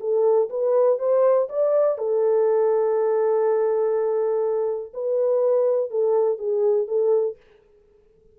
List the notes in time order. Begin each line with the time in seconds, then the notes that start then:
0.00 A4
0.50 B4
0.99 C5
1.50 D5
1.98 A4
4.94 B4
5.90 A4
6.38 G#4
6.88 A4